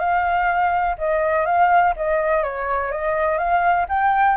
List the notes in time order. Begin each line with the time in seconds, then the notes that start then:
0.00 F5
0.98 D#5
1.46 F5
1.96 D#5
2.44 C#5
2.92 D#5
3.38 F5
3.89 G5